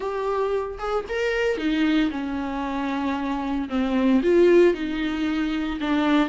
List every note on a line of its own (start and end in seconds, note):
0.00 0.78 G4
0.78 1.04 G#4
1.08 1.57 A#4
1.57 2.10 D#4
2.10 3.68 C#4
3.69 4.21 C4
4.22 4.74 F4
4.74 5.79 D#4
5.80 6.28 D4